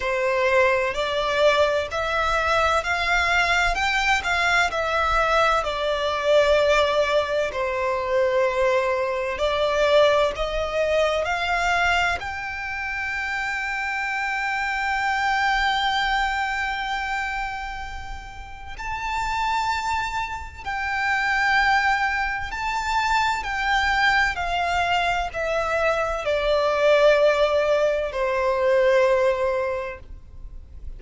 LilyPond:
\new Staff \with { instrumentName = "violin" } { \time 4/4 \tempo 4 = 64 c''4 d''4 e''4 f''4 | g''8 f''8 e''4 d''2 | c''2 d''4 dis''4 | f''4 g''2.~ |
g''1 | a''2 g''2 | a''4 g''4 f''4 e''4 | d''2 c''2 | }